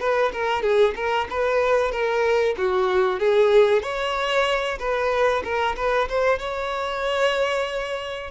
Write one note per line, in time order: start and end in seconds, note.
0.00 0.32 B4
0.33 0.63 A#4
0.63 0.95 G#4
0.95 1.27 A#4
1.30 1.91 B4
1.91 2.55 A#4
2.58 3.20 F#4
3.20 3.82 G#4
3.82 4.78 C#5
4.79 5.43 B4
5.44 5.76 A#4
5.76 6.08 B4
6.09 6.39 C5
6.39 8.30 C#5